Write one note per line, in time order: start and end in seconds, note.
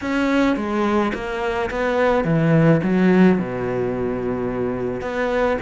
0.01 0.56 C#4
0.56 1.12 G#3
1.14 1.70 A#3
1.70 2.24 B3
2.24 2.80 E3
2.83 3.38 F#3
3.38 5.01 B2
5.01 5.57 B3